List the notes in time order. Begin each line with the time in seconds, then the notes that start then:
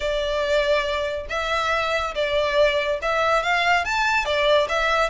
0.00 D5
1.29 E5
2.15 D5
3.01 E5
3.42 F5
3.85 A5
4.25 D5
4.68 E5